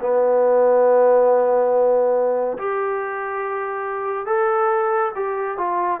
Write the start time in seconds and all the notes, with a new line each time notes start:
0.00 B3
2.58 G4
4.25 A4
5.15 G4
5.57 F4